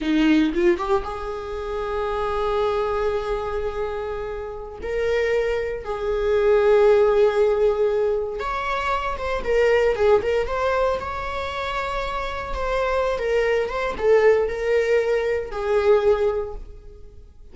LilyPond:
\new Staff \with { instrumentName = "viola" } { \time 4/4 \tempo 4 = 116 dis'4 f'8 g'8 gis'2~ | gis'1~ | gis'4~ gis'16 ais'2 gis'8.~ | gis'1~ |
gis'16 cis''4. c''8 ais'4 gis'8 ais'16~ | ais'16 c''4 cis''2~ cis''8.~ | cis''16 c''4~ c''16 ais'4 c''8 a'4 | ais'2 gis'2 | }